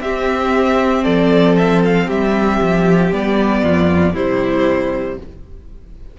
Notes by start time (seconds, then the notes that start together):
0.00 C4 G4 E5
1.03 F3 A4 D5
1.55 E5
1.84 F5
2.06 G3 G4 E5
2.60 F3
3.11 G3 B3 D5
3.62 F2 F4
4.13 C3 G3 E4 C5